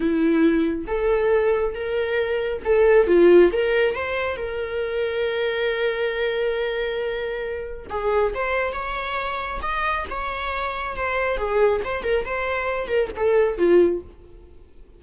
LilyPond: \new Staff \with { instrumentName = "viola" } { \time 4/4 \tempo 4 = 137 e'2 a'2 | ais'2 a'4 f'4 | ais'4 c''4 ais'2~ | ais'1~ |
ais'2 gis'4 c''4 | cis''2 dis''4 cis''4~ | cis''4 c''4 gis'4 c''8 ais'8 | c''4. ais'8 a'4 f'4 | }